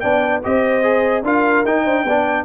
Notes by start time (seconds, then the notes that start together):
0.00 B3 D4 D5 G5
0.43 C4 G4 C5 D#5
0.83 G#4
1.23 D4 F4 A#4 F5
1.64 D#4 G5
1.83 D4 C5
2.04 B3 D4 D5